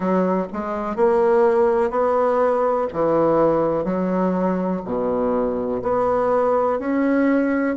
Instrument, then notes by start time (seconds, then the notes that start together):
bassoon
0.00 F#3
0.52 G#3
0.96 A#3
1.90 B3
2.93 E3
3.84 F#3
4.84 B2
5.82 B3
6.79 C#4